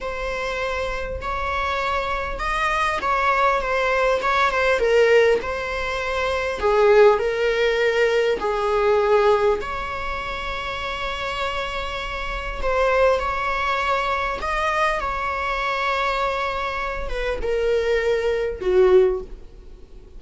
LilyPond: \new Staff \with { instrumentName = "viola" } { \time 4/4 \tempo 4 = 100 c''2 cis''2 | dis''4 cis''4 c''4 cis''8 c''8 | ais'4 c''2 gis'4 | ais'2 gis'2 |
cis''1~ | cis''4 c''4 cis''2 | dis''4 cis''2.~ | cis''8 b'8 ais'2 fis'4 | }